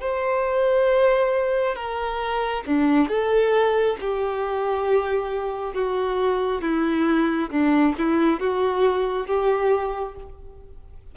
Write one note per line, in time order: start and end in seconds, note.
0.00 1.75 C5
1.75 2.63 A#4
2.66 3.08 D4
3.08 3.96 A4
4.00 5.74 G4
5.74 6.61 F#4
6.61 7.50 E4
7.50 7.94 D4
7.98 8.39 E4
8.39 9.26 F#4
9.26 10.15 G4